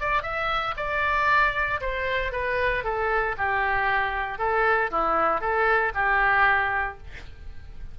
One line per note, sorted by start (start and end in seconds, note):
0.00 0.23 D5
0.23 0.74 E5
0.77 1.80 D5
1.81 2.32 C5
2.32 2.84 B4
2.84 3.36 A4
3.38 4.38 G4
4.38 4.90 A4
4.91 5.41 E4
5.41 5.92 A4
5.94 6.98 G4